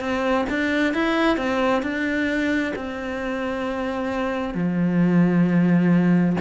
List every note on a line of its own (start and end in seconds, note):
0.00 0.45 C4
0.50 0.94 D4
0.94 1.38 E4
1.38 1.83 C4
1.83 2.74 D4
2.76 4.55 C4
4.55 6.36 F3